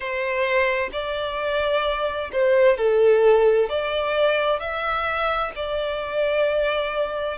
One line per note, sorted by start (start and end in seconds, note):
0.00 0.90 C5
0.92 2.30 D5
2.32 2.77 C5
2.77 3.69 A4
3.69 4.59 D5
4.59 5.51 E5
5.56 7.38 D5